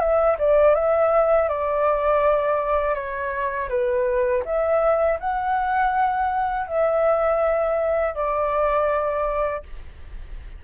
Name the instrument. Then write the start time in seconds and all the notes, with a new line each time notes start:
flute
0.00 E5
0.39 D5
0.75 E5
1.49 D5
2.95 C#5
3.69 B4
4.45 E5
5.20 F#5
6.67 E5
8.15 D5